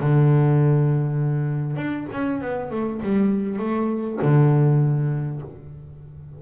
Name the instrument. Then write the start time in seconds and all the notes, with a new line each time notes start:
double bass
0.00 D3
1.77 D4
2.13 C#4
2.42 B3
2.71 A3
3.03 G3
3.59 A3
4.22 D3